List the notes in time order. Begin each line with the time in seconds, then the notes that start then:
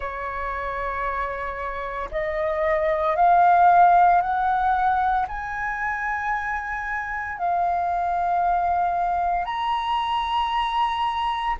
0.00 C#5
2.11 D#5
3.16 F5
4.21 F#5
5.28 G#5
7.38 F5
9.45 A#5